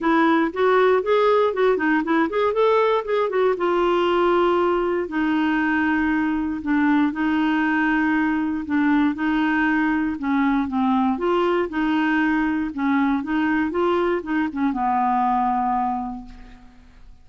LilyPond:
\new Staff \with { instrumentName = "clarinet" } { \time 4/4 \tempo 4 = 118 e'4 fis'4 gis'4 fis'8 dis'8 | e'8 gis'8 a'4 gis'8 fis'8 f'4~ | f'2 dis'2~ | dis'4 d'4 dis'2~ |
dis'4 d'4 dis'2 | cis'4 c'4 f'4 dis'4~ | dis'4 cis'4 dis'4 f'4 | dis'8 cis'8 b2. | }